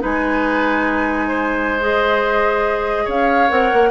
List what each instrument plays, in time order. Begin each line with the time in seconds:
0.00 bassoon G#3, clarinet D#4, oboe B4, flute G#5
1.28 oboe C5
1.81 clarinet G#4, flute D#5
3.05 bassoon C#4, oboe C#5, flute F5
3.49 bassoon C4, clarinet A#4, flute F#5
3.74 bassoon A#3